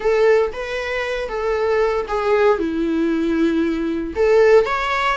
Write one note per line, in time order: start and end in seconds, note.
0.00 0.51 A4
0.52 1.28 B4
1.28 2.06 A4
2.07 2.58 G#4
2.58 4.14 E4
4.15 4.65 A4
4.65 5.17 C#5